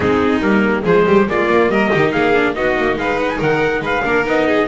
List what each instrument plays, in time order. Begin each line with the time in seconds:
0.00 double bass G#3, viola C4, violin D#4, trumpet G#4
0.40 double bass G3, viola A#3, trumpet A#4
0.82 double bass F3, viola G#3, violin G#4, trumpet C5
1.06 double bass G3, violin G4
1.27 double bass G#3, viola A#3, violin F4, trumpet D5
1.49 double bass A#3
1.68 double bass G3, violin A#4, trumpet D#5
1.89 double bass D#3, viola D#4, violin G4
2.12 double bass A#3, violin G#4, trumpet F5
2.34 viola D4
2.54 double bass B3, viola D#4, violin F#4, trumpet D#5
2.77 double bass A#3
2.96 double bass G#3, violin B4, trumpet F5
3.19 trumpet F#5
3.29 trumpet G#5
3.38 double bass D#3, violin A#4, trumpet F#5
3.80 double bass G#3, violin B4, trumpet F5
4.03 double bass A#3, viola D4, violin A#4
4.24 double bass B3, viola D#4, trumpet D#5
4.47 violin G#4